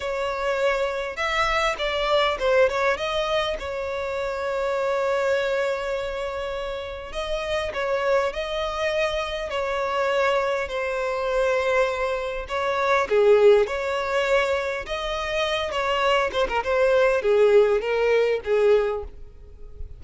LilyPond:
\new Staff \with { instrumentName = "violin" } { \time 4/4 \tempo 4 = 101 cis''2 e''4 d''4 | c''8 cis''8 dis''4 cis''2~ | cis''1 | dis''4 cis''4 dis''2 |
cis''2 c''2~ | c''4 cis''4 gis'4 cis''4~ | cis''4 dis''4. cis''4 c''16 ais'16 | c''4 gis'4 ais'4 gis'4 | }